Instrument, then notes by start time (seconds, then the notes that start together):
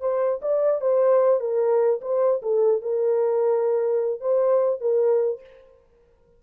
horn
0.00 C5
0.41 D5
0.81 C5
1.40 A#4
2.01 C5
2.42 A4
2.82 A#4
4.20 C5
4.80 A#4